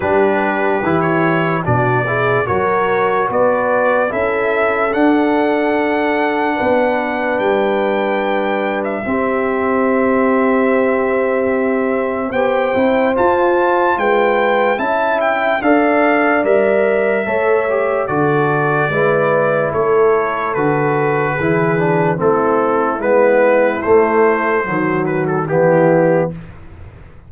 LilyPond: <<
  \new Staff \with { instrumentName = "trumpet" } { \time 4/4 \tempo 4 = 73 b'4~ b'16 cis''8. d''4 cis''4 | d''4 e''4 fis''2~ | fis''4 g''4.~ g''16 e''4~ e''16~ | e''2. g''4 |
a''4 g''4 a''8 g''8 f''4 | e''2 d''2 | cis''4 b'2 a'4 | b'4 c''4. b'16 a'16 g'4 | }
  \new Staff \with { instrumentName = "horn" } { \time 4/4 g'2 fis'8 gis'8 ais'4 | b'4 a'2. | b'2. g'4~ | g'2. c''4~ |
c''4 b'4 e''4 d''4~ | d''4 cis''4 a'4 b'4 | a'2 gis'4 e'4~ | e'2 fis'4 e'4 | }
  \new Staff \with { instrumentName = "trombone" } { \time 4/4 d'4 e'4 d'8 e'8 fis'4~ | fis'4 e'4 d'2~ | d'2. c'4~ | c'2. g'8 e'8 |
f'2 e'4 a'4 | ais'4 a'8 g'8 fis'4 e'4~ | e'4 fis'4 e'8 d'8 c'4 | b4 a4 fis4 b4 | }
  \new Staff \with { instrumentName = "tuba" } { \time 4/4 g4 e4 b,4 fis4 | b4 cis'4 d'2 | b4 g2 c'4~ | c'2. b8 c'8 |
f'4 gis4 cis'4 d'4 | g4 a4 d4 gis4 | a4 d4 e4 a4 | gis4 a4 dis4 e4 | }
>>